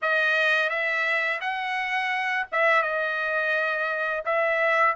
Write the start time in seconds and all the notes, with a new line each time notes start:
0.02 D#5
0.69 E5
1.40 F#5
2.52 E5
2.82 D#5
4.25 E5